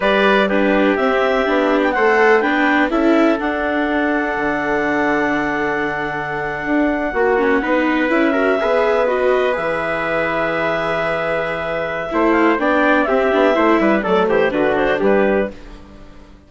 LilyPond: <<
  \new Staff \with { instrumentName = "clarinet" } { \time 4/4 \tempo 4 = 124 d''4 b'4 e''4.~ e''16 g''16 | fis''4 g''4 e''4 fis''4~ | fis''1~ | fis''1~ |
fis''8. e''2 dis''4 e''16~ | e''1~ | e''4. f''8 g''4 e''4~ | e''4 d''8 c''8 b'8 c''8 b'4 | }
  \new Staff \with { instrumentName = "trumpet" } { \time 4/4 b'4 g'2. | c''4 b'4 a'2~ | a'1~ | a'2~ a'8. fis'4 b'16~ |
b'4~ b'16 ais'8 b'2~ b'16~ | b'1~ | b'4 c''4 d''4 g'4 | c''8 b'8 a'8 g'8 fis'4 g'4 | }
  \new Staff \with { instrumentName = "viola" } { \time 4/4 g'4 d'4 c'4 d'4 | a'4 d'4 e'4 d'4~ | d'1~ | d'2~ d'8. fis'8 cis'8 dis'16~ |
dis'8. e'8 fis'8 gis'4 fis'4 gis'16~ | gis'1~ | gis'4 e'4 d'4 c'8 d'8 | e'4 a4 d'2 | }
  \new Staff \with { instrumentName = "bassoon" } { \time 4/4 g2 c'4 b4 | a4 b4 cis'4 d'4~ | d'4 d2.~ | d4.~ d16 d'4 ais4 b16~ |
b8. cis'4 b2 e16~ | e1~ | e4 a4 b4 c'8 b8 | a8 g8 fis8 e8 d4 g4 | }
>>